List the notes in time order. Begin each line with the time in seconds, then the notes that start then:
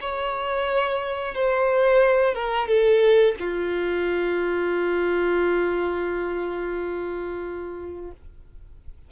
0.00 C#5
1.34 C5
2.34 A#4
2.67 A4
3.39 F4